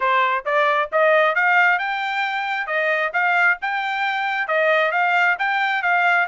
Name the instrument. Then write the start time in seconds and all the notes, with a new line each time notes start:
trumpet
0.00 C5
0.45 D5
0.92 D#5
1.35 F5
1.78 G5
2.66 D#5
3.13 F5
3.61 G5
4.47 D#5
4.91 F5
5.39 G5
5.82 F5